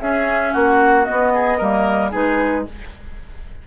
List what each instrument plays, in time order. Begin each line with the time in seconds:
0.00 bassoon C#4, clarinet C#4, oboe G#4, flute E5
0.53 bassoon A#3, oboe F#4, flute F#5
1.04 clarinet B3, flute D#5
1.11 bassoon B3
1.34 oboe G#4
1.58 bassoon G3, clarinet A#3, oboe A#4
2.11 bassoon G#3, clarinet D#4, oboe G#4, flute B4